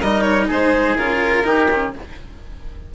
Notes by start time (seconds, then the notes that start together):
0.00 G3 D#4 A#4 D#5
0.21 C#5
0.47 G#3 G#4 C5
0.97 C#3 F4 A#4
1.43 D#3 D#4 G4
1.70 C#4